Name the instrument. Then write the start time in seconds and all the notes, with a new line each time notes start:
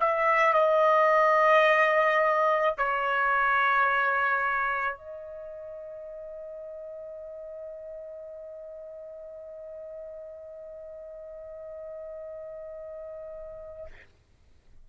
trumpet
0.00 E5
0.53 D#5
2.78 C#5
4.97 D#5